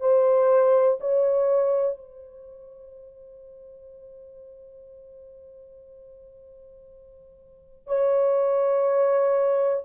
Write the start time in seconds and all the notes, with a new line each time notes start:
0.00 C5
1.00 C#5
1.98 C5
7.87 C#5